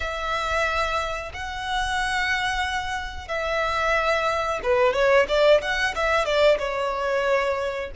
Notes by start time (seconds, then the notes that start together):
0.00 E5
1.33 F#5
3.28 E5
4.63 B4
4.93 C#5
5.28 D5
5.61 F#5
5.95 E5
6.25 D5
6.58 C#5